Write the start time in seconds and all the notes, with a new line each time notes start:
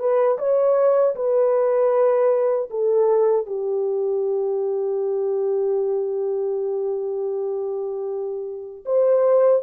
0.00 B4
0.38 C#5
1.16 B4
2.70 A4
3.47 G4
8.86 C5